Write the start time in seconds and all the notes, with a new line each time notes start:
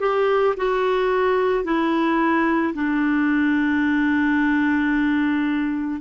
0.00 G4
0.57 F#4
1.64 E4
2.74 D4